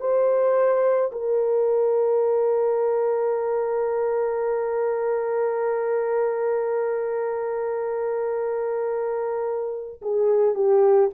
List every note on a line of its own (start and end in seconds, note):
0.00 1.11 C5
1.12 10.01 A#4
10.02 10.55 G#4
10.55 11.10 G4